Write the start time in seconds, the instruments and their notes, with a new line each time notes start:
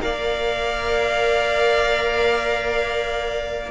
0.00 cello A#3, viola A#4, violin D5 F5